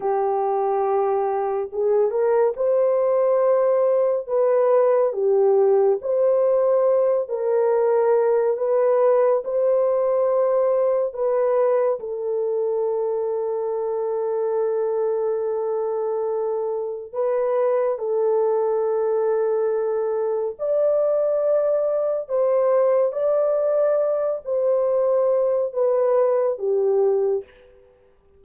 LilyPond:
\new Staff \with { instrumentName = "horn" } { \time 4/4 \tempo 4 = 70 g'2 gis'8 ais'8 c''4~ | c''4 b'4 g'4 c''4~ | c''8 ais'4. b'4 c''4~ | c''4 b'4 a'2~ |
a'1 | b'4 a'2. | d''2 c''4 d''4~ | d''8 c''4. b'4 g'4 | }